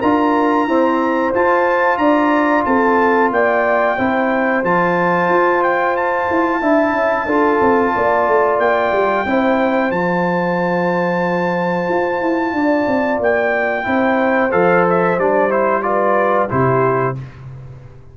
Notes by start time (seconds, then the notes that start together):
0.00 D4 F4 A#4 A#5
0.66 C4 E4 C5
1.34 F4 A5
1.97 D4 D5 A#5
2.65 C4 A4 A5
3.31 A#3 D5 G5
3.96 C4 E4 C5
4.63 F3 F4 A5
5.29 F4
5.63 G5
5.96 A5
6.30 E4
6.61 D4 E4 E5
6.92 C#4
7.26 D4 F4 A4
7.61 C4
7.95 A#3 D5
8.28 A3
8.58 A#3 G5
8.92 G3
9.25 C4 E4 C5
9.90 F3 F4 A5
11.89 F4
12.21 E4
12.53 D4 D5
12.87 C4
13.20 A#3 G5
13.84 C4 E4 C5
14.52 F3 A4 F5
14.89 E5
15.18 G3 D4 D5
15.50 E4 C5
15.82 F4 B4 D5
16.49 C3 E4 G4 C5